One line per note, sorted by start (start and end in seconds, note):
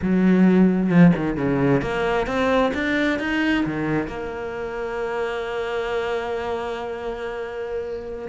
0.02 0.89 F#3
0.89 1.12 F3
1.15 1.36 D#3
1.36 1.81 C#3
1.81 2.26 A#3
2.26 2.72 C4
2.74 3.19 D4
3.19 3.64 D#4
3.65 4.07 D#3
4.07 8.28 A#3